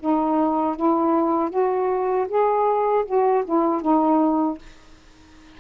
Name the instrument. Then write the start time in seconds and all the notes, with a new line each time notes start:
saxophone
0.00 D#4
0.77 E4
1.50 F#4
2.29 G#4
3.06 F#4
3.45 E4
3.82 D#4